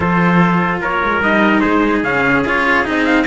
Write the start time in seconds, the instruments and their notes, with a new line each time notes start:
0.00 cello F3 F4, trumpet A4 C5
0.81 cello A#3, trumpet A#4 C#5
1.03 cello G#3
1.22 cello G3 D#4, trumpet D#5
1.60 cello G#3, trumpet G#4 C5
2.03 cello C#3 C#4, trumpet F5
2.45 cello C#4 F4, trumpet C#5
2.84 cello C4 D#4, trumpet D#5
3.04 trumpet F5